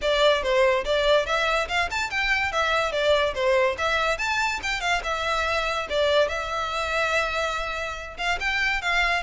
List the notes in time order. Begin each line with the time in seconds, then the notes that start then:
0.01 D5
0.42 C5
0.84 D5
1.26 E5
1.68 F5
1.90 A5
2.10 G5
2.52 E5
2.92 D5
3.34 C5
3.78 E5
4.18 A5
4.62 G5
4.80 F5
5.03 E5
5.89 D5
6.28 E5
8.17 F5
8.40 G5
8.81 F5